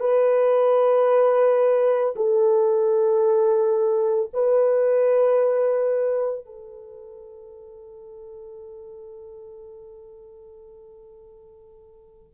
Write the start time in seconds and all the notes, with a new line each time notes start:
0.00 B4
2.16 A4
4.34 B4
6.46 A4